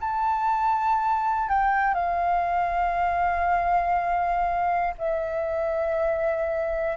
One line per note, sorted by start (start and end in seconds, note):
0.00 1.49 A5
1.49 1.94 G5
1.94 4.94 F5
4.98 6.96 E5